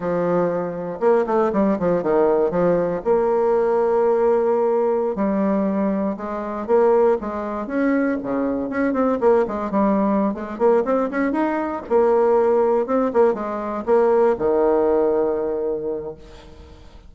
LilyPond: \new Staff \with { instrumentName = "bassoon" } { \time 4/4 \tempo 4 = 119 f2 ais8 a8 g8 f8 | dis4 f4 ais2~ | ais2~ ais16 g4.~ g16~ | g16 gis4 ais4 gis4 cis'8.~ |
cis'16 cis4 cis'8 c'8 ais8 gis8 g8.~ | g8 gis8 ais8 c'8 cis'8 dis'4 ais8~ | ais4. c'8 ais8 gis4 ais8~ | ais8 dis2.~ dis8 | }